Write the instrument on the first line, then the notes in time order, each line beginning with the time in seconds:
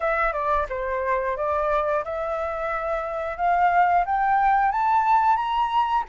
flute
0.00 E5
0.32 D5
0.69 C5
1.36 D5
2.04 E5
3.37 F5
4.05 G5
4.71 A5
5.36 A#5